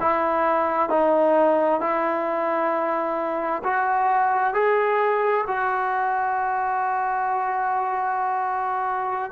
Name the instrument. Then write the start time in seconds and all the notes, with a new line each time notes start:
trombone
0.00 E4
0.89 D#4
1.81 E4
3.64 F#4
4.53 G#4
5.47 F#4